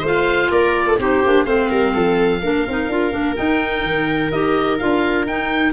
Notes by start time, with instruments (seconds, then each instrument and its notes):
0.00 tuba A3, clarinet F4, viola C5
0.06 oboe F5
0.51 tuba A#3, viola A#4, oboe D5
0.87 viola A4
0.99 tuba C4, clarinet D#4, viola G4, oboe C5
1.24 tuba A#3, clarinet D4
1.45 tuba A3, clarinet C4, viola C5, oboe F5
1.69 tuba G3, viola A#4
1.93 tuba F3, viola A4
2.42 tuba A#3, clarinet D4, viola A#4
2.67 tuba C4, clarinet D#4
2.88 tuba D4, clarinet F4
3.11 tuba A#3, clarinet D4
3.35 clarinet D#4, tuba D#4, oboe G5
3.83 tuba D#3
4.32 tuba D#4, clarinet G4, oboe D#5
4.78 tuba D4, clarinet F4, oboe F5
5.26 tuba D#4, clarinet D#4, oboe G5